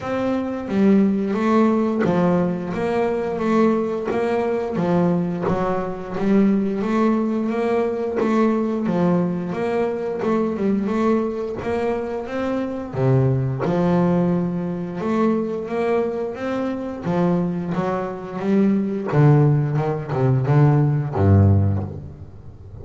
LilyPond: \new Staff \with { instrumentName = "double bass" } { \time 4/4 \tempo 4 = 88 c'4 g4 a4 f4 | ais4 a4 ais4 f4 | fis4 g4 a4 ais4 | a4 f4 ais4 a8 g8 |
a4 ais4 c'4 c4 | f2 a4 ais4 | c'4 f4 fis4 g4 | d4 dis8 c8 d4 g,4 | }